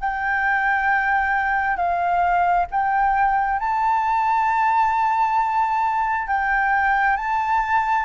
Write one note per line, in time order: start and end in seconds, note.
0.00 1.77 G5
1.77 2.66 F5
2.71 3.59 G5
3.59 6.28 A5
6.28 7.17 G5
7.17 8.05 A5